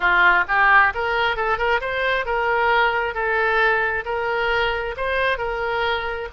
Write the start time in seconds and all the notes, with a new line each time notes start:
0.00 F4
0.48 G4
0.94 A#4
1.36 A4
1.57 A#4
1.80 C5
2.25 A#4
3.14 A4
4.05 A#4
4.96 C5
5.38 A#4